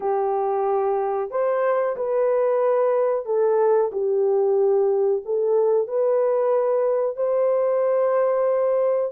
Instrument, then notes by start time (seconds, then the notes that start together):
horn
0.00 G4
1.30 C5
1.96 B4
3.25 A4
3.92 G4
5.25 A4
5.87 B4
7.16 C5